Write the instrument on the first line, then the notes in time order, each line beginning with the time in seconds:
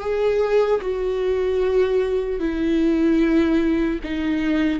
viola
0.00 G#4
0.81 F#4
2.39 E4
4.03 D#4